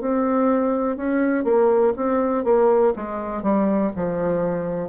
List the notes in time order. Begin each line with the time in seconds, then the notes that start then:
0.00 C4
0.96 C#4
1.44 A#3
1.96 C4
2.44 A#3
2.96 G#3
3.42 G3
3.95 F3